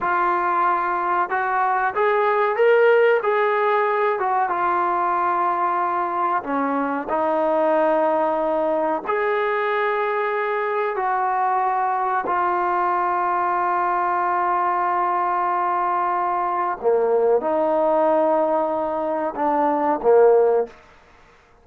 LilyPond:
\new Staff \with { instrumentName = "trombone" } { \time 4/4 \tempo 4 = 93 f'2 fis'4 gis'4 | ais'4 gis'4. fis'8 f'4~ | f'2 cis'4 dis'4~ | dis'2 gis'2~ |
gis'4 fis'2 f'4~ | f'1~ | f'2 ais4 dis'4~ | dis'2 d'4 ais4 | }